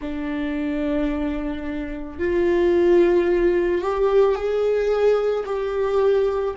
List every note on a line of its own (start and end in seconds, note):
0.00 2.18 D4
2.18 3.81 F4
3.81 4.35 G4
4.35 5.44 G#4
5.45 6.55 G4